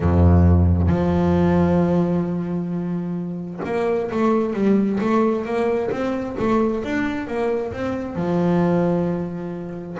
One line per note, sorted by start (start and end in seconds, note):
0.00 0.87 F2
0.87 3.60 F3
3.64 4.10 A#3
4.11 4.53 A3
4.53 4.99 G3
5.00 5.45 A3
5.45 5.90 A#3
5.90 6.36 C4
6.38 6.84 A3
6.84 7.27 D4
7.27 7.72 A#3
7.73 8.15 C4
8.15 9.97 F3